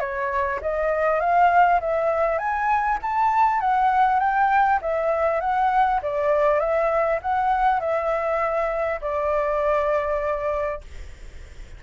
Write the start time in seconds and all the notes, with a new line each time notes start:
0.00 C#5
0.62 D#5
1.21 F5
1.81 E5
2.39 G#5
3.02 A5
3.61 F#5
4.20 G5
4.82 E5
5.41 F#5
6.03 D5
6.60 E5
7.22 F#5
7.81 E5
9.02 D5